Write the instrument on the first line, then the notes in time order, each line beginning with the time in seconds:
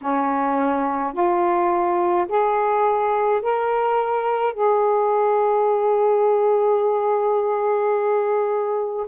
saxophone
0.01 C#4
1.13 F4
2.28 G#4
3.42 A#4
4.53 G#4